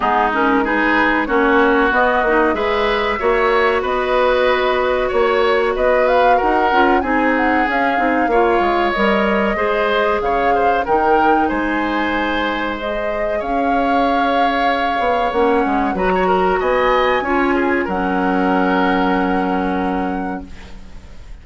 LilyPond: <<
  \new Staff \with { instrumentName = "flute" } { \time 4/4 \tempo 4 = 94 gis'8 ais'8 b'4 cis''4 dis''4 | e''2 dis''2 | cis''4 dis''8 f''8 fis''4 gis''8 fis''8 | f''2 dis''2 |
f''4 g''4 gis''2 | dis''4 f''2. | fis''4 ais''4 gis''2 | fis''1 | }
  \new Staff \with { instrumentName = "oboe" } { \time 4/4 dis'4 gis'4 fis'2 | b'4 cis''4 b'2 | cis''4 b'4 ais'4 gis'4~ | gis'4 cis''2 c''4 |
cis''8 c''8 ais'4 c''2~ | c''4 cis''2.~ | cis''4 b'16 cis''16 ais'8 dis''4 cis''8 gis'8 | ais'1 | }
  \new Staff \with { instrumentName = "clarinet" } { \time 4/4 b8 cis'8 dis'4 cis'4 b8 dis'8 | gis'4 fis'2.~ | fis'2~ fis'8 f'8 dis'4 | cis'8 dis'8 f'4 ais'4 gis'4~ |
gis'4 dis'2. | gis'1 | cis'4 fis'2 f'4 | cis'1 | }
  \new Staff \with { instrumentName = "bassoon" } { \time 4/4 gis2 ais4 b8 ais8 | gis4 ais4 b2 | ais4 b4 dis'8 cis'8 c'4 | cis'8 c'8 ais8 gis8 g4 gis4 |
cis4 dis4 gis2~ | gis4 cis'2~ cis'8 b8 | ais8 gis8 fis4 b4 cis'4 | fis1 | }
>>